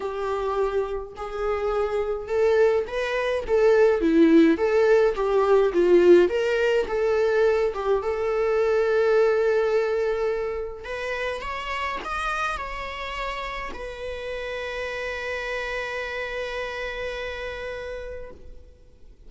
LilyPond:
\new Staff \with { instrumentName = "viola" } { \time 4/4 \tempo 4 = 105 g'2 gis'2 | a'4 b'4 a'4 e'4 | a'4 g'4 f'4 ais'4 | a'4. g'8 a'2~ |
a'2. b'4 | cis''4 dis''4 cis''2 | b'1~ | b'1 | }